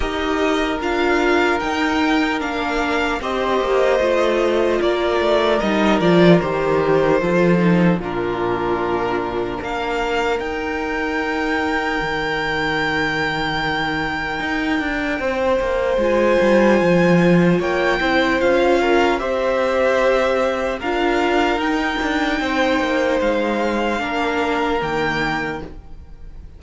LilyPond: <<
  \new Staff \with { instrumentName = "violin" } { \time 4/4 \tempo 4 = 75 dis''4 f''4 g''4 f''4 | dis''2 d''4 dis''8 d''8 | c''2 ais'2 | f''4 g''2.~ |
g''1 | gis''2 g''4 f''4 | e''2 f''4 g''4~ | g''4 f''2 g''4 | }
  \new Staff \with { instrumentName = "violin" } { \time 4/4 ais'1 | c''2 ais'2~ | ais'4 a'4 f'2 | ais'1~ |
ais'2. c''4~ | c''2 cis''8 c''4 ais'8 | c''2 ais'2 | c''2 ais'2 | }
  \new Staff \with { instrumentName = "viola" } { \time 4/4 g'4 f'4 dis'4 d'4 | g'4 f'2 dis'8 f'8 | g'4 f'8 dis'8 d'2~ | d'4 dis'2.~ |
dis'1 | f'2~ f'8 e'8 f'4 | g'2 f'4 dis'4~ | dis'2 d'4 ais4 | }
  \new Staff \with { instrumentName = "cello" } { \time 4/4 dis'4 d'4 dis'4 ais4 | c'8 ais8 a4 ais8 a8 g8 f8 | dis4 f4 ais,2 | ais4 dis'2 dis4~ |
dis2 dis'8 d'8 c'8 ais8 | gis8 g8 f4 ais8 c'8 cis'4 | c'2 d'4 dis'8 d'8 | c'8 ais8 gis4 ais4 dis4 | }
>>